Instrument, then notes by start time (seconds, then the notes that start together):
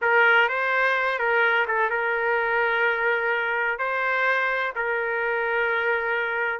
trumpet
0.01 A#4
0.48 C5
1.19 A#4
1.67 A4
1.89 A#4
3.78 C5
4.75 A#4